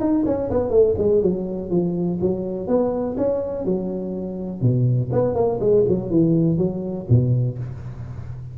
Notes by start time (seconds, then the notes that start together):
0.00 D#4
0.26 C#4
0.50 B3
0.70 A3
0.98 G#3
1.22 F#3
1.70 F3
2.21 F#3
2.67 B3
3.17 C#4
3.65 F#3
4.61 B2
5.12 B3
5.34 A#3
5.60 G#3
5.88 F#3
6.10 E3
6.58 F#3
7.09 B2